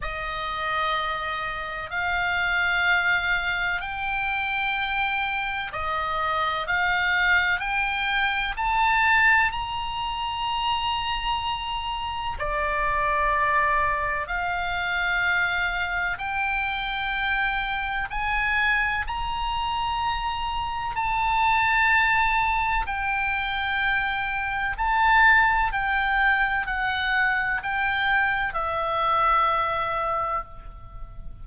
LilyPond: \new Staff \with { instrumentName = "oboe" } { \time 4/4 \tempo 4 = 63 dis''2 f''2 | g''2 dis''4 f''4 | g''4 a''4 ais''2~ | ais''4 d''2 f''4~ |
f''4 g''2 gis''4 | ais''2 a''2 | g''2 a''4 g''4 | fis''4 g''4 e''2 | }